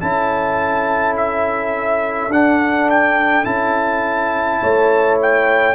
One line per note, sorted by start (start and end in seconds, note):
0.00 2.29 C#4
0.00 2.31 E4
0.00 4.61 A4
0.00 1.16 A5
1.17 2.32 E5
2.29 3.44 D4
2.29 2.90 F#5
2.90 3.45 G5
3.44 4.62 C#4
3.44 5.75 E4
3.44 5.18 A5
4.61 5.75 A3
4.61 5.75 C#5
5.22 5.75 G5